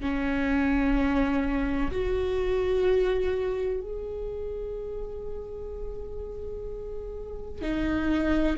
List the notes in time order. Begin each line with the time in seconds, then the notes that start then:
0.00 C#4
1.91 F#4
3.81 G#4
7.61 D#4